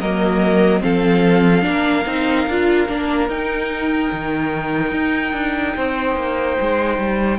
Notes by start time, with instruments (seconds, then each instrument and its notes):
0.00 cello F#3, viola A#3, violin A#4 D#5
0.80 cello F3, viola C4, violin A4 F5
1.62 cello A#3, viola D4, violin A#4
2.06 cello C4, viola D#4
2.47 cello D4, viola F4
2.88 cello A#3, viola D4
3.28 cello D#4, viola D#4, violin G5
4.12 cello D#3
4.92 cello D#4
5.33 cello D4
5.76 cello C4, violin C5
6.16 cello A#3
6.60 cello G#3
6.98 cello G3